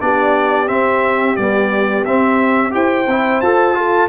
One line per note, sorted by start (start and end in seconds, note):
0.00 0.70 B3
0.00 0.68 D4
0.00 2.74 G4
0.00 0.68 D5
0.68 1.36 C4
0.68 1.38 C4
0.68 1.36 E5
1.36 2.05 G3
1.36 2.07 B3
1.36 2.04 D5
2.05 2.75 C4
2.05 2.71 C4
2.05 2.73 E5
2.71 3.07 E4
2.71 3.05 G4
2.71 3.76 C5
2.71 3.41 G5
3.07 3.41 C4
3.07 3.44 E4
3.41 4.09 F4
3.41 3.74 A4
3.41 4.09 A5
3.74 4.09 F4
3.74 4.09 A4